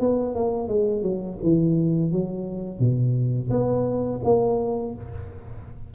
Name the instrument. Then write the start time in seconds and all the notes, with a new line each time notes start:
tuba
0.00 B3
0.35 A#3
0.68 G#3
1.02 F#3
1.42 E3
2.11 F#3
2.79 B2
3.50 B3
4.24 A#3